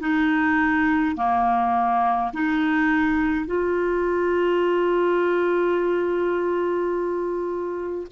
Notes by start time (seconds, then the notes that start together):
0.00 D#4
1.16 A#3
2.33 D#4
3.46 F4